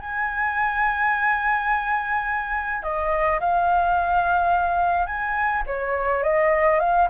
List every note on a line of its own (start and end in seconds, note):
0.00 2.83 G#5
2.83 3.39 D#5
3.40 5.06 F5
5.06 5.63 G#5
5.67 6.23 C#5
6.23 6.80 D#5
6.80 7.08 F5